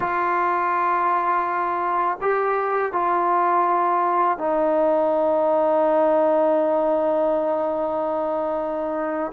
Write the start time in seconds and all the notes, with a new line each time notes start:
0.00 F4
2.21 G4
2.92 F4
4.37 D#4